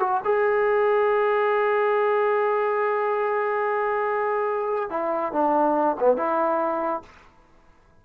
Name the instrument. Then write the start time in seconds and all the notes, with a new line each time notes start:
trombone
0.00 F#4
0.24 G#4
4.90 E4
5.33 D4
6.00 B3
6.17 E4